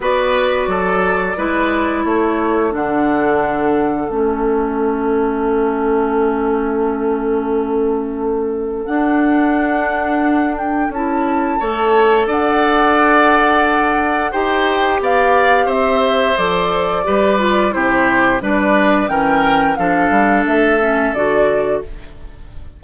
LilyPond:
<<
  \new Staff \with { instrumentName = "flute" } { \time 4/4 \tempo 4 = 88 d''2. cis''4 | fis''2 e''2~ | e''1~ | e''4 fis''2~ fis''8 g''8 |
a''2 fis''2~ | fis''4 g''4 f''4 e''4 | d''2 c''4 d''4 | g''4 f''4 e''4 d''4 | }
  \new Staff \with { instrumentName = "oboe" } { \time 4/4 b'4 a'4 b'4 a'4~ | a'1~ | a'1~ | a'1~ |
a'4 cis''4 d''2~ | d''4 c''4 d''4 c''4~ | c''4 b'4 g'4 b'4 | ais'4 a'2. | }
  \new Staff \with { instrumentName = "clarinet" } { \time 4/4 fis'2 e'2 | d'2 cis'2~ | cis'1~ | cis'4 d'2. |
e'4 a'2.~ | a'4 g'2. | a'4 g'8 f'8 e'4 d'4 | cis'4 d'4. cis'8 fis'4 | }
  \new Staff \with { instrumentName = "bassoon" } { \time 4/4 b4 fis4 gis4 a4 | d2 a2~ | a1~ | a4 d'2. |
cis'4 a4 d'2~ | d'4 dis'4 b4 c'4 | f4 g4 c4 g4 | e4 f8 g8 a4 d4 | }
>>